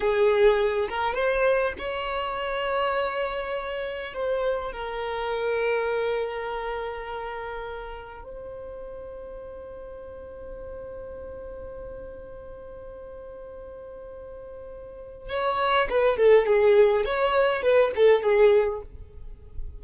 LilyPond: \new Staff \with { instrumentName = "violin" } { \time 4/4 \tempo 4 = 102 gis'4. ais'8 c''4 cis''4~ | cis''2. c''4 | ais'1~ | ais'2 c''2~ |
c''1~ | c''1~ | c''2 cis''4 b'8 a'8 | gis'4 cis''4 b'8 a'8 gis'4 | }